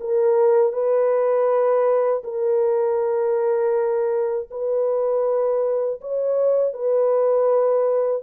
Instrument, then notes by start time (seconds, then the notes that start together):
horn
0.00 A#4
0.73 B4
2.24 A#4
4.51 B4
6.01 C#5
6.73 B4